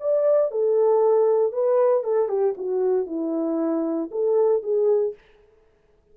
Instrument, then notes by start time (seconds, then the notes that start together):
horn
0.00 D5
0.51 A4
1.52 B4
2.04 A4
2.29 G4
2.57 F#4
3.06 E4
4.11 A4
4.63 G#4